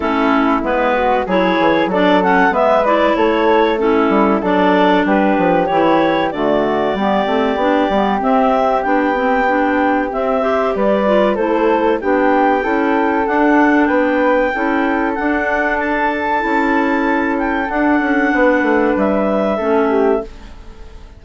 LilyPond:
<<
  \new Staff \with { instrumentName = "clarinet" } { \time 4/4 \tempo 4 = 95 a'4 b'4 cis''4 d''8 fis''8 | e''8 d''8 cis''4 a'4 d''4 | b'4 cis''4 d''2~ | d''4 e''4 g''2 |
e''4 d''4 c''4 g''4~ | g''4 fis''4 g''2 | fis''4 a''2~ a''8 g''8 | fis''2 e''2 | }
  \new Staff \with { instrumentName = "flute" } { \time 4/4 e'4. fis'8 gis'4 a'4 | b'4 a'4 e'4 a'4 | g'2 fis'4 g'4~ | g'1~ |
g'8 c''8 b'4 a'4 g'4 | a'2 b'4 a'4~ | a'1~ | a'4 b'2 a'8 g'8 | }
  \new Staff \with { instrumentName = "clarinet" } { \time 4/4 cis'4 b4 e'4 d'8 cis'8 | b8 e'4. cis'4 d'4~ | d'4 e'4 a4 b8 c'8 | d'8 b8 c'4 d'8 c'8 d'4 |
c'8 g'4 f'8 e'4 d'4 | e'4 d'2 e'4 | d'2 e'2 | d'2. cis'4 | }
  \new Staff \with { instrumentName = "bassoon" } { \time 4/4 a4 gis4 fis8 e8 fis4 | gis4 a4. g8 fis4 | g8 f8 e4 d4 g8 a8 | b8 g8 c'4 b2 |
c'4 g4 a4 b4 | cis'4 d'4 b4 cis'4 | d'2 cis'2 | d'8 cis'8 b8 a8 g4 a4 | }
>>